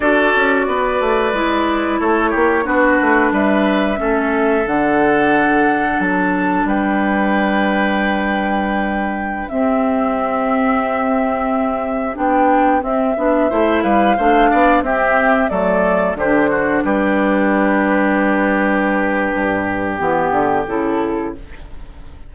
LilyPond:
<<
  \new Staff \with { instrumentName = "flute" } { \time 4/4 \tempo 4 = 90 d''2. cis''4 | b'4 e''2 fis''4~ | fis''4 a''4 g''2~ | g''2~ g''16 e''4.~ e''16~ |
e''2~ e''16 g''4 e''8.~ | e''8. f''4. e''4 d''8.~ | d''16 c''4 b'2~ b'8.~ | b'2 g'4 a'4 | }
  \new Staff \with { instrumentName = "oboe" } { \time 4/4 a'4 b'2 a'8 g'8 | fis'4 b'4 a'2~ | a'2 b'2~ | b'2~ b'16 g'4.~ g'16~ |
g'1~ | g'16 c''8 b'8 c''8 d''8 g'4 a'8.~ | a'16 g'8 fis'8 g'2~ g'8.~ | g'1 | }
  \new Staff \with { instrumentName = "clarinet" } { \time 4/4 fis'2 e'2 | d'2 cis'4 d'4~ | d'1~ | d'2~ d'16 c'4.~ c'16~ |
c'2~ c'16 d'4 c'8 d'16~ | d'16 e'4 d'4 c'4 a8.~ | a16 d'2.~ d'8.~ | d'2 b4 e'4 | }
  \new Staff \with { instrumentName = "bassoon" } { \time 4/4 d'8 cis'8 b8 a8 gis4 a8 ais8 | b8 a8 g4 a4 d4~ | d4 fis4 g2~ | g2~ g16 c'4.~ c'16~ |
c'2~ c'16 b4 c'8 b16~ | b16 a8 g8 a8 b8 c'4 fis8.~ | fis16 d4 g2~ g8.~ | g4 g,4 e8 d8 cis4 | }
>>